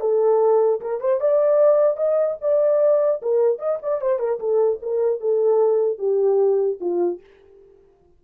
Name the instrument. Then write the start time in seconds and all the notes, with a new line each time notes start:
horn
0.00 A4
0.80 A#4
1.00 C5
1.20 D5
1.97 D#5
2.41 D5
3.22 A#4
3.59 D#5
3.82 D5
4.01 C5
4.19 A#4
4.39 A4
4.82 A#4
5.20 A4
5.98 G4
6.80 F4